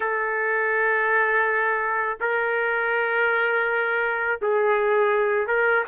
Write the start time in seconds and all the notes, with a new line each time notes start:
0.00 A4
2.20 A#4
4.41 G#4
5.47 A#4